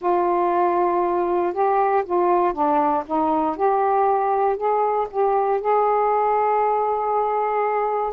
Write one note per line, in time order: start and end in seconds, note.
0.01 1.53 F4
1.53 2.04 G4
2.05 2.53 F4
2.53 3.04 D4
3.06 3.56 D#4
3.56 4.56 G4
4.56 5.07 G#4
5.10 5.60 G4
5.60 8.13 G#4